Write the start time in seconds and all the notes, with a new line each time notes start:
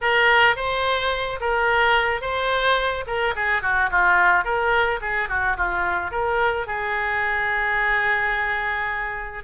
0.01 A#4
0.56 C5
1.40 A#4
2.21 C5
3.06 A#4
3.35 G#4
3.62 F#4
3.90 F4
4.44 A#4
5.01 G#4
5.29 F#4
5.57 F4
6.11 A#4
6.66 G#4